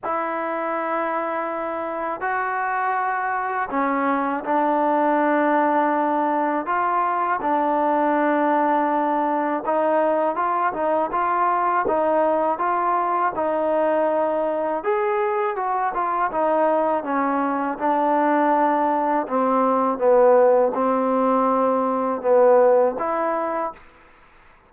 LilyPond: \new Staff \with { instrumentName = "trombone" } { \time 4/4 \tempo 4 = 81 e'2. fis'4~ | fis'4 cis'4 d'2~ | d'4 f'4 d'2~ | d'4 dis'4 f'8 dis'8 f'4 |
dis'4 f'4 dis'2 | gis'4 fis'8 f'8 dis'4 cis'4 | d'2 c'4 b4 | c'2 b4 e'4 | }